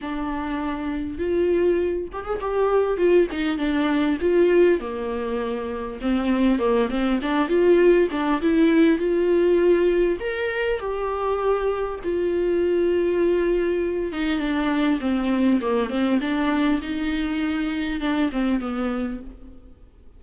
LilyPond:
\new Staff \with { instrumentName = "viola" } { \time 4/4 \tempo 4 = 100 d'2 f'4. g'16 gis'16 | g'4 f'8 dis'8 d'4 f'4 | ais2 c'4 ais8 c'8 | d'8 f'4 d'8 e'4 f'4~ |
f'4 ais'4 g'2 | f'2.~ f'8 dis'8 | d'4 c'4 ais8 c'8 d'4 | dis'2 d'8 c'8 b4 | }